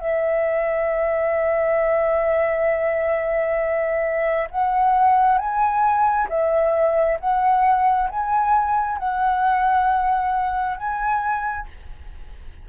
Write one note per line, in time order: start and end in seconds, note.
0.00 4.48 E5
4.50 5.38 F#5
5.38 6.27 G#5
6.28 7.18 E5
7.19 8.09 F#5
8.09 8.98 G#5
8.98 10.77 F#5
10.77 11.66 G#5